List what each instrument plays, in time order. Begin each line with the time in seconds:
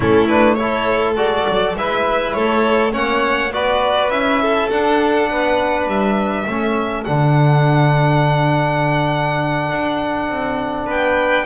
0.00 double bass A3, trombone C#4, violin E4 A4
0.28 trombone D4, violin B4
0.54 trombone E4, violin C#5
0.61 violin A4
1.16 double bass G#3, trombone F#4, violin D5
1.48 double bass F#3
1.75 double bass G#3, trombone E4, violin B4 E5
2.33 double bass A3, violin A4 C#5
2.91 double bass A#3, trombone C#4, violin C#5 F#5
3.50 double bass B3, trombone F#4, violin B4 D5
4.09 double bass C#4, trombone E4, violin E5
4.42 violin A4
4.70 trombone D4, double bass D4, violin F#5
5.30 double bass B3, violin B4
5.87 double bass G3, violin E5
6.46 double bass A3, trombone C#4, violin A4
7.04 double bass D3, trombone D4, violin F#5
9.70 double bass D4
10.29 double bass C4
10.86 double bass B3, violin B4 G5